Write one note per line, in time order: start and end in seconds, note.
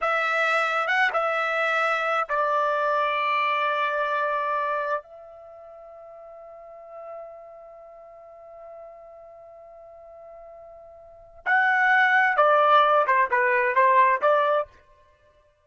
0.01 0.87 E5
0.87 1.10 F#5
1.13 2.27 E5
2.28 5.02 D5
5.02 11.43 E5
11.45 12.37 F#5
12.37 13.05 D5
13.06 13.29 C5
13.30 13.75 B4
13.75 14.21 C5
14.21 14.67 D5